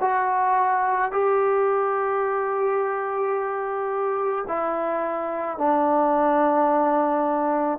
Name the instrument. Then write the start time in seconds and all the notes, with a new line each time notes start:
trombone
0.00 F#4
1.11 G4
4.47 E4
5.58 D4